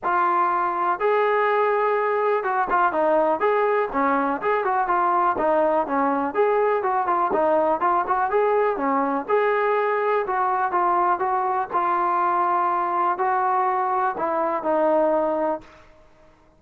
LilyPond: \new Staff \with { instrumentName = "trombone" } { \time 4/4 \tempo 4 = 123 f'2 gis'2~ | gis'4 fis'8 f'8 dis'4 gis'4 | cis'4 gis'8 fis'8 f'4 dis'4 | cis'4 gis'4 fis'8 f'8 dis'4 |
f'8 fis'8 gis'4 cis'4 gis'4~ | gis'4 fis'4 f'4 fis'4 | f'2. fis'4~ | fis'4 e'4 dis'2 | }